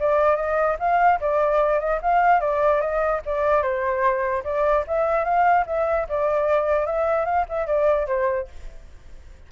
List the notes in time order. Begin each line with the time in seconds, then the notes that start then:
0.00 D5
0.36 D#5
0.79 F5
1.21 D5
1.80 D#5
2.02 F5
2.41 D5
2.81 D#5
3.26 D5
3.62 C5
4.44 D5
4.87 E5
5.25 F5
5.67 E5
6.09 D5
6.86 E5
7.25 F5
7.49 E5
7.67 D5
8.07 C5